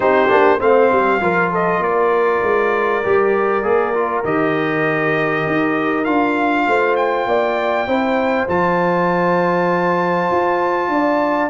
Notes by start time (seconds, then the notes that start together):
0.00 C4 D#4 G4 C5
0.29 A#3 D4
0.58 A3 C4 C5 F5
0.92 G3
1.20 F3 F4 A#4
1.51 A4 D#5
1.78 A#3 A#4 D5
2.42 G#3
3.04 G3 G4
3.63 A#3 G#4
3.93 F4
4.24 D#3 G4 D#5
5.46 D#4
6.04 D4 F4 F5
6.66 A3 C5
6.95 G5
7.26 A#3 D5
7.87 C4 E4 C5
8.48 F3 F4 A5
10.31 F4
10.88 D4 D5